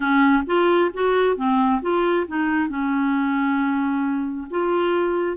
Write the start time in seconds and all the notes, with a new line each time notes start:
0.00 C#4
0.46 F4
0.93 F#4
1.36 C4
1.81 F4
2.27 D#4
2.68 C#4
4.50 F4